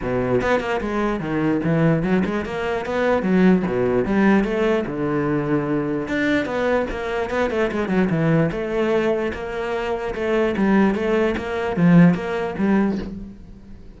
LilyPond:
\new Staff \with { instrumentName = "cello" } { \time 4/4 \tempo 4 = 148 b,4 b8 ais8 gis4 dis4 | e4 fis8 gis8 ais4 b4 | fis4 b,4 g4 a4 | d2. d'4 |
b4 ais4 b8 a8 gis8 fis8 | e4 a2 ais4~ | ais4 a4 g4 a4 | ais4 f4 ais4 g4 | }